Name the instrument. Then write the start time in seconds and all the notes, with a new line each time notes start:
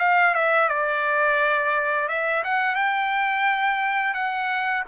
trumpet
0.00 F5
0.35 E5
0.69 D5
2.09 E5
2.45 F#5
2.76 G5
4.14 F#5